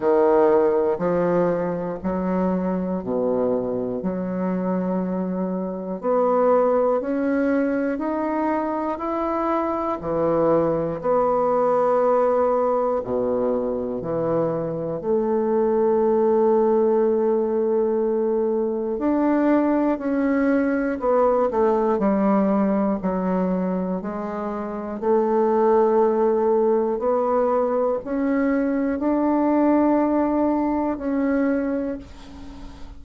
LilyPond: \new Staff \with { instrumentName = "bassoon" } { \time 4/4 \tempo 4 = 60 dis4 f4 fis4 b,4 | fis2 b4 cis'4 | dis'4 e'4 e4 b4~ | b4 b,4 e4 a4~ |
a2. d'4 | cis'4 b8 a8 g4 fis4 | gis4 a2 b4 | cis'4 d'2 cis'4 | }